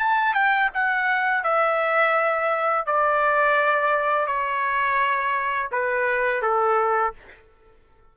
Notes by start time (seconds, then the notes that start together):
0.00 A5
0.34 G5
0.74 F#5
1.44 E5
2.86 D5
4.27 C#5
5.72 B4
6.43 A4